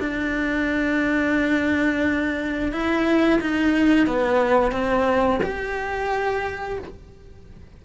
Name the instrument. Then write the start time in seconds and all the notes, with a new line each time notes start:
cello
0.00 D4
2.72 E4
3.41 D#4
4.07 B3
4.72 C4
5.43 G4